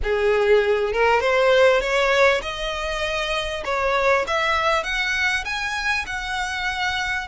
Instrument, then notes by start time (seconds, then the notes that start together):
violin
0.03 G#4
0.93 A#4
1.20 C5
1.80 C#5
2.42 D#5
3.64 C#5
4.27 E5
4.83 F#5
5.44 G#5
6.06 F#5